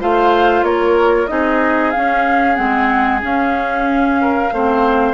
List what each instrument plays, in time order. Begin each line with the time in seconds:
0.00 bassoon A3, clarinet F4, oboe C5, flute F5
0.63 bassoon A#3, oboe A#4, flute C#5
1.27 bassoon C4, clarinet D#4, oboe G#4, flute D#5
1.91 clarinet C#4, flute F5
1.97 bassoon C#4
2.55 bassoon G#3, clarinet C4, flute F#5
3.22 clarinet C#4, bassoon C#4, flute F5
4.22 oboe A#4
4.52 bassoon A3, clarinet C4, oboe C5